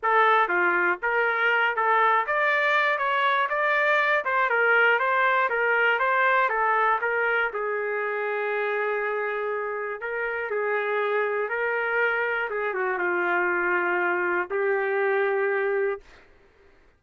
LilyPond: \new Staff \with { instrumentName = "trumpet" } { \time 4/4 \tempo 4 = 120 a'4 f'4 ais'4. a'8~ | a'8 d''4. cis''4 d''4~ | d''8 c''8 ais'4 c''4 ais'4 | c''4 a'4 ais'4 gis'4~ |
gis'1 | ais'4 gis'2 ais'4~ | ais'4 gis'8 fis'8 f'2~ | f'4 g'2. | }